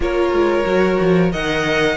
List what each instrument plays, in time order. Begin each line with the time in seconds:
0.00 cello A#3, viola F4, violin A#4 C#5
0.31 cello G#3
0.65 cello F#3, viola F#4
1.00 cello F3
1.31 cello D#3, viola A#4, violin D#5 F#5